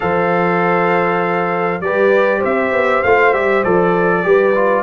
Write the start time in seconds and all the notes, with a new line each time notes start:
0.00 F3 A4 C5 F5
1.80 G3 G4 B4 D5
2.39 C4 C5 E5
2.71 B3
3.03 A3 F4 F5
3.33 G3 G4 E5
3.64 F3 A4 D5
4.23 G3 G4 B4
4.54 F4